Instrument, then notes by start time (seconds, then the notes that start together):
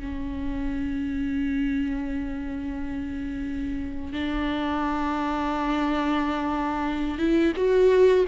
viola
0.00 C#4
4.13 D4
7.18 E4
7.56 F#4